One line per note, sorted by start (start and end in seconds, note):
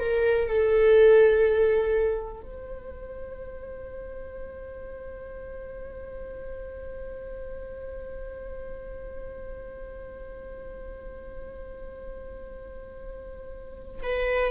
0.00 0.48 A#4
0.48 2.42 A4
2.42 14.03 C5
14.03 14.52 B4